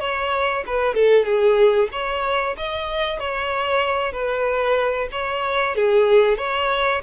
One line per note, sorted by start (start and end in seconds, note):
0.00 0.64 C#5
0.66 0.95 B4
0.95 1.25 A4
1.25 1.89 G#4
1.92 2.56 C#5
2.57 3.19 D#5
3.19 4.12 C#5
4.12 5.08 B4
5.12 5.75 C#5
5.75 6.38 G#4
6.38 7.02 C#5